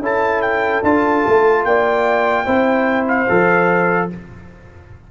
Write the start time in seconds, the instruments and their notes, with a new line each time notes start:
0.00 tuba C#4, trombone E4, horn A4, trumpet A5
0.41 trumpet G5
0.83 tuba D4, trombone F4, trumpet A5
1.27 tuba A3
1.64 tuba A#3, horn D5, trumpet G5
2.45 tuba C4, trombone E4, horn C5
3.07 trumpet F5
3.28 tuba F3, trombone A4